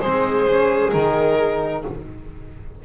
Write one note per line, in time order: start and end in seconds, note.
0.00 0.93 G#3
0.00 0.49 C4
0.00 1.83 G#4
0.00 0.91 C5
0.49 0.93 C#4
0.92 1.85 D#3
0.92 1.84 D#4
0.92 1.83 A#4